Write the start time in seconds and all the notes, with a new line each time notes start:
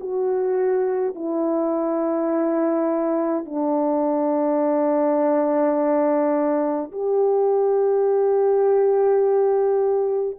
0.00 F#4
1.14 E4
3.45 D4
6.91 G4